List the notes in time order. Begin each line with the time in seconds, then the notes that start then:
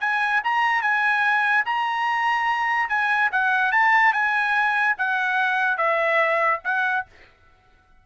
0.00 G#5
0.44 A#5
0.82 G#5
1.65 A#5
2.89 G#5
3.32 F#5
3.71 A5
4.13 G#5
4.97 F#5
5.77 E5
6.64 F#5